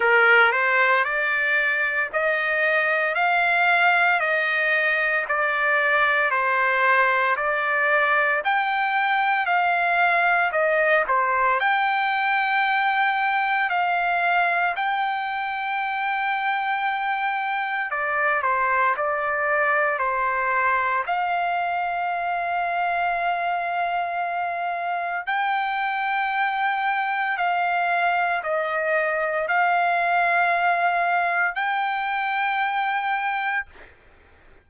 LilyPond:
\new Staff \with { instrumentName = "trumpet" } { \time 4/4 \tempo 4 = 57 ais'8 c''8 d''4 dis''4 f''4 | dis''4 d''4 c''4 d''4 | g''4 f''4 dis''8 c''8 g''4~ | g''4 f''4 g''2~ |
g''4 d''8 c''8 d''4 c''4 | f''1 | g''2 f''4 dis''4 | f''2 g''2 | }